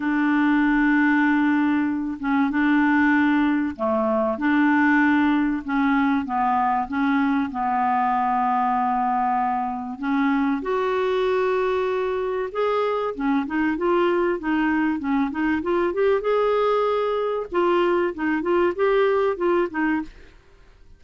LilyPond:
\new Staff \with { instrumentName = "clarinet" } { \time 4/4 \tempo 4 = 96 d'2.~ d'8 cis'8 | d'2 a4 d'4~ | d'4 cis'4 b4 cis'4 | b1 |
cis'4 fis'2. | gis'4 cis'8 dis'8 f'4 dis'4 | cis'8 dis'8 f'8 g'8 gis'2 | f'4 dis'8 f'8 g'4 f'8 dis'8 | }